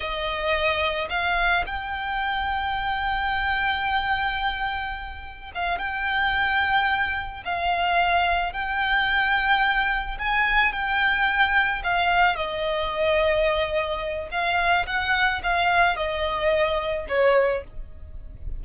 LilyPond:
\new Staff \with { instrumentName = "violin" } { \time 4/4 \tempo 4 = 109 dis''2 f''4 g''4~ | g''1~ | g''2 f''8 g''4.~ | g''4. f''2 g''8~ |
g''2~ g''8 gis''4 g''8~ | g''4. f''4 dis''4.~ | dis''2 f''4 fis''4 | f''4 dis''2 cis''4 | }